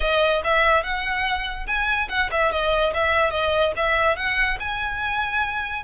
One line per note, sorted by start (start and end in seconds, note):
0.00 0.42 D#5
0.44 0.83 E5
0.83 1.66 F#5
1.66 2.08 G#5
2.09 2.29 F#5
2.31 2.51 E5
2.51 2.93 D#5
2.94 3.30 E5
3.30 3.72 D#5
3.76 4.16 E5
4.16 4.58 F#5
4.59 5.83 G#5